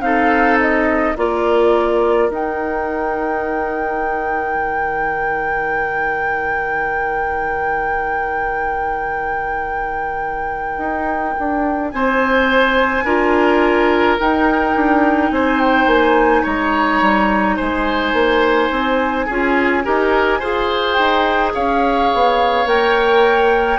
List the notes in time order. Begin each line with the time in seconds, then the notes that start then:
0.00 C4 D#4 A4 F5
0.60 D#5
1.16 A#3 F4 A#4 D5
2.29 D#4 G5
4.55 D#3
10.77 D#4
11.39 D4
11.91 C4 C5 G#5
13.04 D4 F4 A#4
14.19 D#4 G5
14.75 D4
15.30 C4 C5 G#5
15.60 G5
15.86 A#3 G#5
16.43 G#3 C#5 A#5
17.01 G3
17.56 G#3 C5 G#5
18.13 A#3
18.70 C4
19.26 C#4 F4 G#4
19.84 D#4 G4 A#4
20.39 F4 G#4 C5
20.93 D#4 G5
21.54 C#4 C#5 F5
22.14 B3
22.65 A#3 A#4 G5